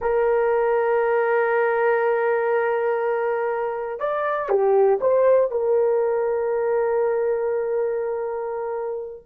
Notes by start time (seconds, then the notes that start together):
0.01 A#4
3.99 D5
4.49 G4
5.00 C5
5.50 A#4